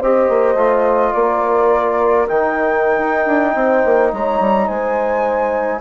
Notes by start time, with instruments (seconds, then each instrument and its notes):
0.00 bassoon C4, trombone G4, horn C5, flute D#5
0.29 bassoon A#3
0.55 bassoon A3, trombone F4
1.14 bassoon A#3, horn A#4, flute D5
2.28 bassoon D#3, trombone D#4, flute G5
2.98 bassoon D#4
3.26 bassoon D4
3.55 bassoon C4, horn C5
3.85 bassoon A#3
4.13 bassoon G#3, horn C#5, flute A#5
4.40 bassoon G3
4.67 bassoon G#3, horn C5, flute G#5